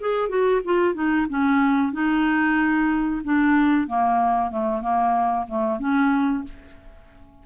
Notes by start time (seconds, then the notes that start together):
0.00 G#4
0.29 F#4
0.65 F4
0.94 D#4
1.29 C#4
1.92 D#4
3.24 D4
3.87 A#3
4.50 A3
4.81 A#3
5.48 A3
5.79 C#4